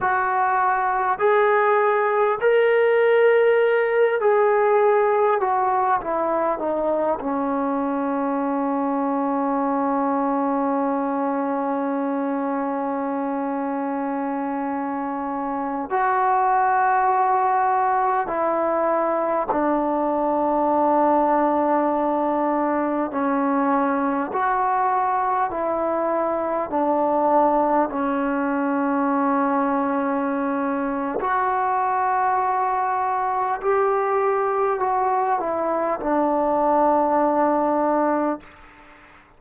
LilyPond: \new Staff \with { instrumentName = "trombone" } { \time 4/4 \tempo 4 = 50 fis'4 gis'4 ais'4. gis'8~ | gis'8 fis'8 e'8 dis'8 cis'2~ | cis'1~ | cis'4~ cis'16 fis'2 e'8.~ |
e'16 d'2. cis'8.~ | cis'16 fis'4 e'4 d'4 cis'8.~ | cis'2 fis'2 | g'4 fis'8 e'8 d'2 | }